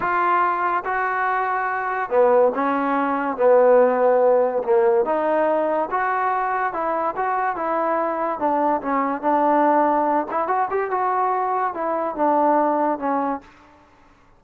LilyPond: \new Staff \with { instrumentName = "trombone" } { \time 4/4 \tempo 4 = 143 f'2 fis'2~ | fis'4 b4 cis'2 | b2. ais4 | dis'2 fis'2 |
e'4 fis'4 e'2 | d'4 cis'4 d'2~ | d'8 e'8 fis'8 g'8 fis'2 | e'4 d'2 cis'4 | }